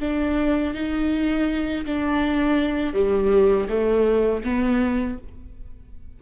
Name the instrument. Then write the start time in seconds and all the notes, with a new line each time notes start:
viola
0.00 D4
0.74 D#4
1.86 D4
2.94 G3
3.69 A3
4.44 B3